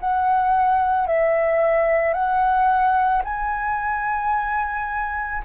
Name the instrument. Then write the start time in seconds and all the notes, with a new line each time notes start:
flute
0.00 F#5
1.07 E5
2.13 F#5
3.24 G#5